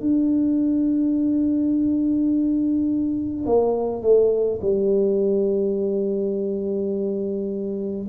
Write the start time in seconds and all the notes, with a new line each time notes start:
0.00 D4
3.46 A#3
4.01 A3
4.61 G3